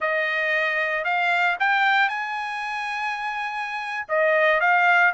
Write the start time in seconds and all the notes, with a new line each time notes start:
0.00 D#5
1.04 F5
1.59 G5
2.08 G#5
4.08 D#5
4.60 F5